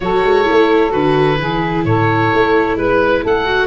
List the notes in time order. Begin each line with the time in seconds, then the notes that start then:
0.00 F#3 F#4 A4 C#5
0.24 G#3
0.44 A3 E4
0.89 D3 F#4 B4
1.37 E3 E4 G#4
1.84 A2 A4 C#5
2.33 A3
2.76 G#3 B4
3.22 A3 A4 F#5
3.45 F#4